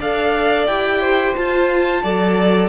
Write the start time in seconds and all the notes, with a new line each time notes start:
0.00 D4 A4 D5 F5
0.67 E4 G4 G5
1.01 C5
1.35 F4 A5
2.03 F#3 A4 D5